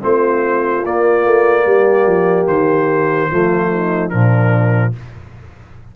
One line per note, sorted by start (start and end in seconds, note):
0.00 0.84 A3
0.00 0.82 C4
0.00 1.65 F4
0.00 0.85 C5
0.84 1.25 A#3
0.84 3.30 A#3
0.84 2.47 D5
1.25 1.66 A3
1.65 2.05 G3
1.65 3.29 G4
2.05 2.47 F3
2.47 3.29 D#3
2.47 4.09 C5
3.30 4.13 F3
3.30 4.10 A3
3.30 3.71 F4
3.72 4.10 D#4
4.09 4.95 A#2
4.09 4.93 F3
4.09 4.92 D4
4.09 4.92 A#4